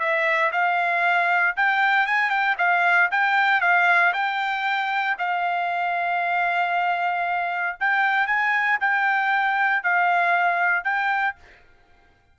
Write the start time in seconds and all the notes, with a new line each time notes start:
0.00 E5
0.52 F5
1.57 G5
2.07 G#5
2.30 G5
2.59 F5
3.12 G5
3.61 F5
4.14 G5
5.19 F5
7.80 G5
8.27 G#5
8.81 G5
9.83 F5
10.84 G5